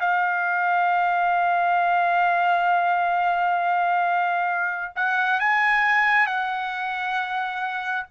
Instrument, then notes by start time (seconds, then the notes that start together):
trumpet
0.00 F5
4.95 F#5
5.40 G#5
6.26 F#5